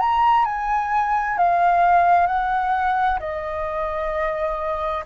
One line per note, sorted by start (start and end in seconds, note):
0.00 0.45 A#5
0.45 1.38 G#5
1.38 2.27 F5
2.27 3.19 F#5
3.20 5.04 D#5